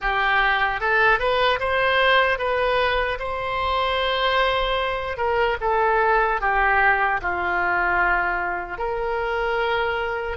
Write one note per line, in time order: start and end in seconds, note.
0.01 0.80 G4
0.80 1.19 A4
1.19 1.59 B4
1.59 2.38 C5
2.38 3.18 B4
3.19 5.17 C5
5.17 5.57 A#4
5.60 6.40 A4
6.40 7.20 G4
7.21 8.78 F4
8.78 10.37 A#4